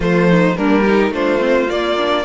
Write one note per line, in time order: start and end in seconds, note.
0.00 0.55 F3
0.00 0.56 A3
0.00 0.28 F4
0.00 0.56 C5
0.29 0.57 D#4
0.56 1.10 G3
0.56 0.86 A#3
0.56 0.82 D4
0.56 1.12 A#4
0.82 1.13 D#4
0.82 1.10 G4
1.10 1.66 A3
1.10 1.39 D4
1.10 2.25 F4
1.10 1.70 C5
1.39 1.67 C4
1.68 1.96 A#3
1.68 2.25 A#3
1.68 2.25 D5
1.97 2.25 D4